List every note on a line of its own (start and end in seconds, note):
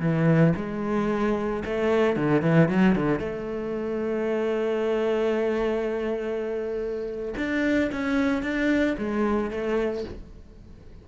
0.00 0.54 E3
0.56 1.63 G#3
1.65 2.16 A3
2.16 2.42 D3
2.42 2.69 E3
2.69 2.95 F#3
2.95 3.19 D3
3.19 7.34 A3
7.37 7.91 D4
7.92 8.42 C#4
8.42 8.96 D4
8.98 9.51 G#3
9.51 10.04 A3